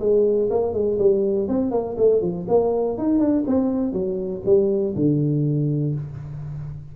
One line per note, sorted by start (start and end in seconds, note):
0.00 0.50 G#3
0.50 0.73 A#3
0.73 0.98 G#3
0.98 1.48 G3
1.48 1.71 C4
1.71 1.96 A#3
1.97 2.21 A3
2.21 2.46 F3
2.48 2.98 A#3
2.98 3.19 D#4
3.19 3.44 D4
3.47 3.93 C4
3.93 4.42 F#3
4.45 4.95 G3
4.95 5.95 D3